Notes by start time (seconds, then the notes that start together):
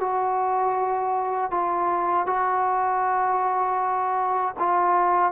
0.00 F#4
1.51 F4
2.26 F#4
4.59 F4